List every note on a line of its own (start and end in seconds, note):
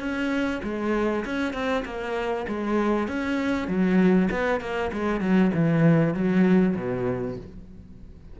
0.00 0.61 C#4
0.64 1.25 G#3
1.25 1.54 C#4
1.54 1.84 C4
1.85 2.47 A#3
2.48 3.08 G#3
3.08 3.68 C#4
3.68 4.29 F#3
4.31 4.61 B3
4.61 4.91 A#3
4.93 5.21 G#3
5.21 5.52 F#3
5.54 6.14 E3
6.14 6.76 F#3
6.76 7.37 B2